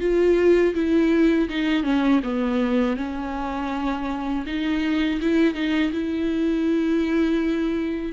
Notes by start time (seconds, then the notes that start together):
0.00 F4
0.74 E4
1.49 D#4
1.83 C#4
2.24 B3
2.97 C#4
4.46 D#4
5.21 E4
5.54 D#4
5.92 E4